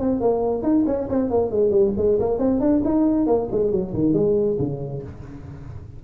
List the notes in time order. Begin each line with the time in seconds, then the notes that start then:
0.00 C4
0.21 A#3
0.63 D#4
0.87 C#4
1.10 C4
1.31 A#3
1.51 G#3
1.71 G3
1.97 G#3
2.20 A#3
2.39 C4
2.61 D4
2.85 D#4
3.27 A#3
3.52 G#3
3.72 F#3
3.94 D#3
4.14 G#3
4.59 C#3